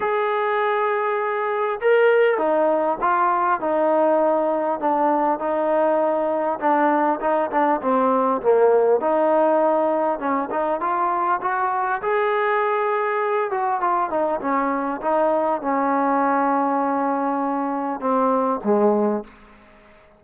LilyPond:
\new Staff \with { instrumentName = "trombone" } { \time 4/4 \tempo 4 = 100 gis'2. ais'4 | dis'4 f'4 dis'2 | d'4 dis'2 d'4 | dis'8 d'8 c'4 ais4 dis'4~ |
dis'4 cis'8 dis'8 f'4 fis'4 | gis'2~ gis'8 fis'8 f'8 dis'8 | cis'4 dis'4 cis'2~ | cis'2 c'4 gis4 | }